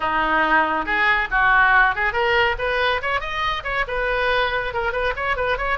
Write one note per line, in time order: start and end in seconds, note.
0.00 0.85 D#4
0.85 1.28 G#4
1.31 1.95 F#4
1.95 2.13 G#4
2.13 2.55 A#4
2.58 3.01 B4
3.02 3.20 C#5
3.20 3.63 D#5
3.63 3.85 C#5
3.87 4.73 B4
4.73 4.92 A#4
4.92 5.13 B4
5.15 5.36 C#5
5.36 5.57 B4
5.57 5.78 C#5